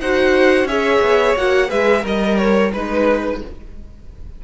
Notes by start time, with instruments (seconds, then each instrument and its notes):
0.00 cello D#4, viola F#4, violin C5 F#5
0.64 cello C#4, viola G#4, violin C#5 E5
1.01 cello B3
1.36 cello A#3, viola F#4, violin F#5
1.67 cello G#3, viola G#4, violin B4 E5
2.02 cello G3, violin A#4 D#5, viola A#4
2.37 violin C#5
2.73 cello G#3, viola D#4, violin B4